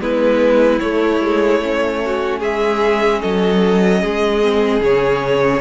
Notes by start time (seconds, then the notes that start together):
0.00 G#3 B3 E4 B4
0.80 A3 C#5
1.21 G#3
1.63 C#4
2.05 F#4
2.40 G#3 G#4 E5
3.21 F#3 A4 D#5
4.01 G#3 G#4
4.42 C4
4.81 C#3 C#4 C#5